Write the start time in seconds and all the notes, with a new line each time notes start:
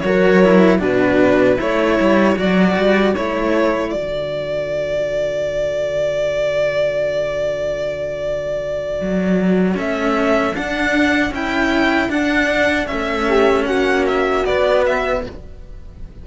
0.00 F#3 F#4 A#4 C#5
0.43 E4
0.78 B2 D4 F#4 B4
1.56 A3 E4 A4 C#5
2.00 G3
2.36 F#3 F#4 D5
2.76 G3
3.15 A3 E4 C#5
3.90 D3 F#4 D5
9.01 F#3
9.75 A3 C#4 E5
10.54 D4 F#5
11.30 C#4 E4 G5
12.09 D4 F#5
12.87 A3 C#4 E5
13.28 G4
13.66 A#3 F#4 F#5
14.06 E5
14.45 B3 D5
14.86 E5